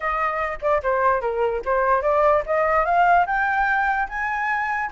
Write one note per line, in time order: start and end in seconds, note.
0.00 0.59 D#5
0.61 0.81 D5
0.83 1.21 C5
1.21 1.62 A#4
1.65 2.02 C5
2.02 2.43 D5
2.45 2.85 D#5
2.85 3.26 F5
3.26 4.08 G5
4.08 4.90 G#5